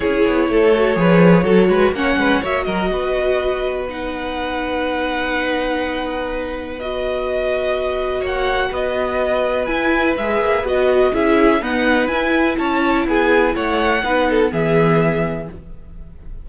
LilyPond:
<<
  \new Staff \with { instrumentName = "violin" } { \time 4/4 \tempo 4 = 124 cis''1 | fis''4 e''8 dis''2~ dis''8 | fis''1~ | fis''2 dis''2~ |
dis''4 fis''4 dis''2 | gis''4 e''4 dis''4 e''4 | fis''4 gis''4 a''4 gis''4 | fis''2 e''2 | }
  \new Staff \with { instrumentName = "violin" } { \time 4/4 gis'4 a'4 b'4 a'8 b'8 | cis''8 b'8 cis''8 ais'8 b'2~ | b'1~ | b'1~ |
b'4 cis''4 b'2~ | b'2. gis'4 | b'2 cis''4 gis'4 | cis''4 b'8 a'8 gis'2 | }
  \new Staff \with { instrumentName = "viola" } { \time 4/4 e'4. fis'8 gis'4 fis'4 | cis'4 fis'2. | dis'1~ | dis'2 fis'2~ |
fis'1 | e'4 gis'4 fis'4 e'4 | b4 e'2.~ | e'4 dis'4 b2 | }
  \new Staff \with { instrumentName = "cello" } { \time 4/4 cis'8 b8 a4 f4 fis8 gis8 | ais8 gis8 ais8 fis8 b2~ | b1~ | b1~ |
b4 ais4 b2 | e'4 gis8 ais8 b4 cis'4 | dis'4 e'4 cis'4 b4 | a4 b4 e2 | }
>>